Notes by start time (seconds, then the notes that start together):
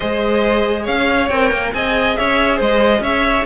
0.00 G#3 G#4 C5 D#5
0.83 C#4 C#5 F5
1.29 C4 A#4 G5
1.51 A#3
1.73 C4 G#4 D#5 G#5
2.15 C#4 C#5 E5
2.56 G#3 C5 D#5
3.00 C#4 C#5 E5